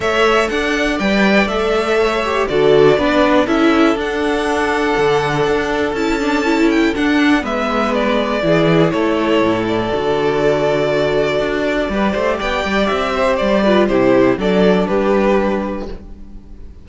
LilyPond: <<
  \new Staff \with { instrumentName = "violin" } { \time 4/4 \tempo 4 = 121 e''4 fis''4 g''4 e''4~ | e''4 d''2 e''4 | fis''1 | a''4. g''8 fis''4 e''4 |
d''2 cis''4. d''8~ | d''1~ | d''4 g''4 e''4 d''4 | c''4 d''4 b'2 | }
  \new Staff \with { instrumentName = "violin" } { \time 4/4 cis''4 d''2. | cis''4 a'4 b'4 a'4~ | a'1~ | a'2. b'4~ |
b'4 gis'4 a'2~ | a'1 | b'8 c''8 d''4. c''4 b'8 | g'4 a'4 g'2 | }
  \new Staff \with { instrumentName = "viola" } { \time 4/4 a'2 b'4 a'4~ | a'8 g'8 fis'4 d'4 e'4 | d'1 | e'8 d'8 e'4 d'4 b4~ |
b4 e'2. | fis'1 | g'2.~ g'8 f'8 | e'4 d'2. | }
  \new Staff \with { instrumentName = "cello" } { \time 4/4 a4 d'4 g4 a4~ | a4 d4 b4 cis'4 | d'2 d4 d'4 | cis'2 d'4 gis4~ |
gis4 e4 a4 a,4 | d2. d'4 | g8 a8 b8 g8 c'4 g4 | c4 fis4 g2 | }
>>